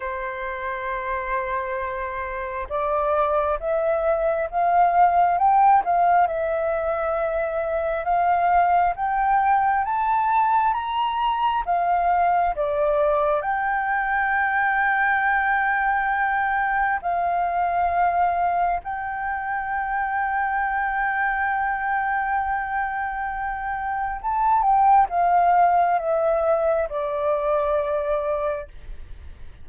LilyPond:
\new Staff \with { instrumentName = "flute" } { \time 4/4 \tempo 4 = 67 c''2. d''4 | e''4 f''4 g''8 f''8 e''4~ | e''4 f''4 g''4 a''4 | ais''4 f''4 d''4 g''4~ |
g''2. f''4~ | f''4 g''2.~ | g''2. a''8 g''8 | f''4 e''4 d''2 | }